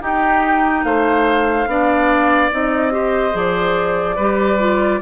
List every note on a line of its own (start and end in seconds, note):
0.00 1.67 D#4
0.00 0.85 D#4
0.00 0.86 G4
0.00 0.84 G5
0.84 1.67 A3
0.84 1.69 C5
0.84 2.51 F5
1.67 2.50 B3
1.67 2.51 D4
1.67 2.94 D5
2.51 3.34 C4
2.51 2.91 D#4
2.51 3.37 D#5
2.91 3.32 G4
2.91 4.16 C5
3.32 4.18 F3
3.32 4.16 G#4
3.32 5.02 D5
4.16 5.01 G3
4.16 4.59 G4
4.16 5.00 B4
4.59 5.01 F4